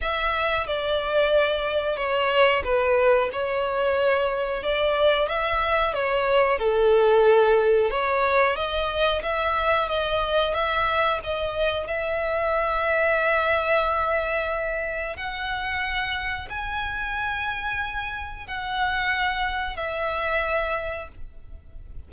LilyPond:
\new Staff \with { instrumentName = "violin" } { \time 4/4 \tempo 4 = 91 e''4 d''2 cis''4 | b'4 cis''2 d''4 | e''4 cis''4 a'2 | cis''4 dis''4 e''4 dis''4 |
e''4 dis''4 e''2~ | e''2. fis''4~ | fis''4 gis''2. | fis''2 e''2 | }